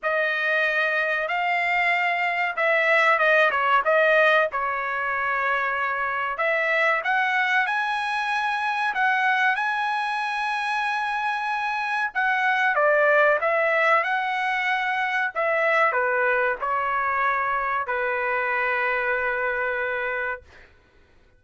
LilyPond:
\new Staff \with { instrumentName = "trumpet" } { \time 4/4 \tempo 4 = 94 dis''2 f''2 | e''4 dis''8 cis''8 dis''4 cis''4~ | cis''2 e''4 fis''4 | gis''2 fis''4 gis''4~ |
gis''2. fis''4 | d''4 e''4 fis''2 | e''4 b'4 cis''2 | b'1 | }